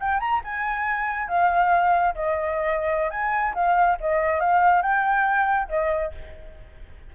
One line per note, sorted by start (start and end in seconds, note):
0.00 0.20 G5
0.20 0.42 A#5
0.44 1.28 G#5
1.28 2.15 F5
2.15 3.11 D#5
3.11 3.54 G#5
3.55 3.98 F5
4.01 4.40 D#5
4.40 4.82 F5
4.82 5.69 G5
5.69 6.12 D#5